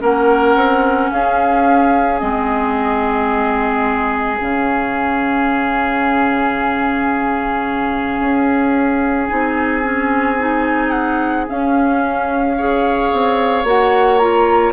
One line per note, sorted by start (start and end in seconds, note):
0.00 0.56 A#3
0.00 2.18 C#4
0.00 1.11 A#4
0.00 1.12 F#5
0.56 1.10 C4
1.12 2.22 C#4
1.12 12.57 G#4
1.12 2.20 F5
2.19 4.40 G#3
2.19 4.37 C4
2.19 4.37 D#5
4.37 8.20 C#3
4.37 9.29 C#4
4.37 9.28 F5
8.20 9.29 C#4
9.28 11.50 C4
9.28 9.83 D#4
9.28 10.90 G#5
9.83 10.38 C#4
10.38 11.47 D#4
10.90 11.45 F#5
11.47 12.57 C#4
11.47 13.13 C#4
11.47 13.67 F5
12.57 13.65 G#4
12.57 14.73 C#5
13.13 13.64 C4
13.64 14.73 A#3
13.64 14.20 F#4
13.64 14.18 F#5
14.18 14.73 F4
14.18 14.73 A#5